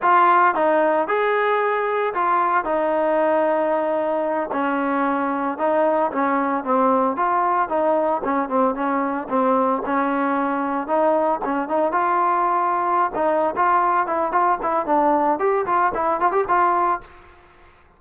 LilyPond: \new Staff \with { instrumentName = "trombone" } { \time 4/4 \tempo 4 = 113 f'4 dis'4 gis'2 | f'4 dis'2.~ | dis'8 cis'2 dis'4 cis'8~ | cis'8 c'4 f'4 dis'4 cis'8 |
c'8 cis'4 c'4 cis'4.~ | cis'8 dis'4 cis'8 dis'8 f'4.~ | f'8. dis'8. f'4 e'8 f'8 e'8 | d'4 g'8 f'8 e'8 f'16 g'16 f'4 | }